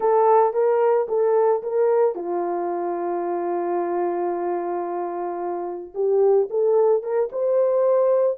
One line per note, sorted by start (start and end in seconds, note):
0.00 0.53 A4
0.53 1.07 A#4
1.08 1.62 A4
1.62 2.15 A#4
2.15 5.93 F4
5.94 6.48 G4
6.50 7.02 A4
7.02 7.29 A#4
7.32 8.38 C5